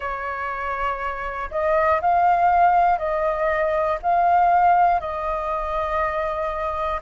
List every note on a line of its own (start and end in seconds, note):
0.00 1.50 C#5
1.50 2.00 D#5
2.01 2.98 F5
2.98 3.98 D#5
4.02 5.00 F5
5.00 7.00 D#5